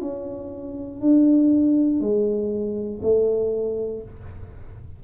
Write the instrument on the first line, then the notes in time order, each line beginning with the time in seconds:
tuba
0.00 C#4
1.00 D4
2.00 G#3
3.02 A3